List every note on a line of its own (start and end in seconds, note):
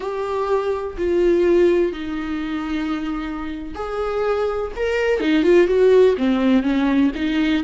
0.00 0.96 G4
0.97 1.92 F4
1.92 3.74 D#4
3.74 4.71 G#4
4.76 5.20 A#4
5.20 5.43 D#4
5.43 5.67 F4
5.67 6.15 F#4
6.17 6.62 C4
6.62 7.11 C#4
7.15 7.63 D#4